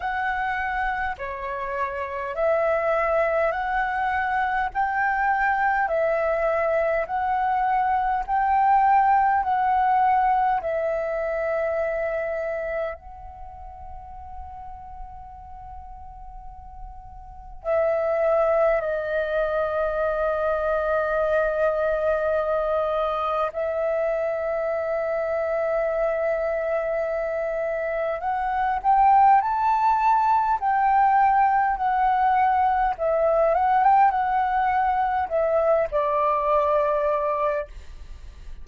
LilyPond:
\new Staff \with { instrumentName = "flute" } { \time 4/4 \tempo 4 = 51 fis''4 cis''4 e''4 fis''4 | g''4 e''4 fis''4 g''4 | fis''4 e''2 fis''4~ | fis''2. e''4 |
dis''1 | e''1 | fis''8 g''8 a''4 g''4 fis''4 | e''8 fis''16 g''16 fis''4 e''8 d''4. | }